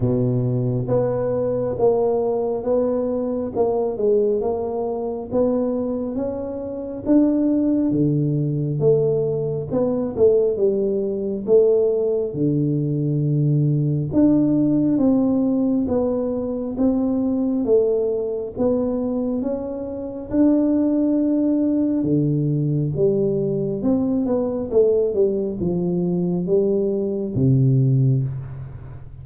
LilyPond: \new Staff \with { instrumentName = "tuba" } { \time 4/4 \tempo 4 = 68 b,4 b4 ais4 b4 | ais8 gis8 ais4 b4 cis'4 | d'4 d4 a4 b8 a8 | g4 a4 d2 |
d'4 c'4 b4 c'4 | a4 b4 cis'4 d'4~ | d'4 d4 g4 c'8 b8 | a8 g8 f4 g4 c4 | }